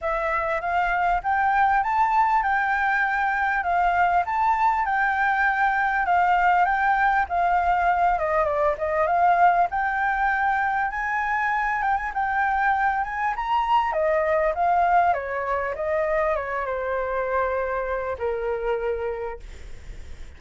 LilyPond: \new Staff \with { instrumentName = "flute" } { \time 4/4 \tempo 4 = 99 e''4 f''4 g''4 a''4 | g''2 f''4 a''4 | g''2 f''4 g''4 | f''4. dis''8 d''8 dis''8 f''4 |
g''2 gis''4. g''16 gis''16 | g''4. gis''8 ais''4 dis''4 | f''4 cis''4 dis''4 cis''8 c''8~ | c''2 ais'2 | }